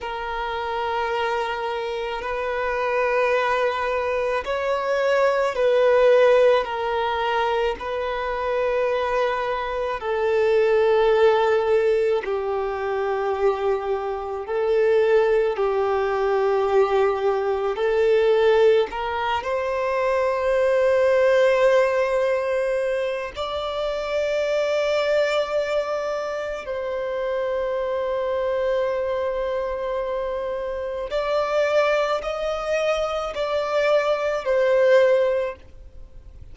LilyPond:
\new Staff \with { instrumentName = "violin" } { \time 4/4 \tempo 4 = 54 ais'2 b'2 | cis''4 b'4 ais'4 b'4~ | b'4 a'2 g'4~ | g'4 a'4 g'2 |
a'4 ais'8 c''2~ c''8~ | c''4 d''2. | c''1 | d''4 dis''4 d''4 c''4 | }